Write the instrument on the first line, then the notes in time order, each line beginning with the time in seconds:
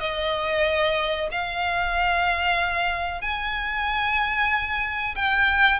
violin
0.00 D#5
1.32 F5
3.22 G#5
5.16 G5